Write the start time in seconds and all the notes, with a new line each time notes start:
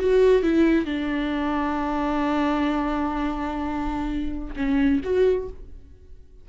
0.00 F#4
0.43 E4
0.86 D4
4.57 C#4
5.04 F#4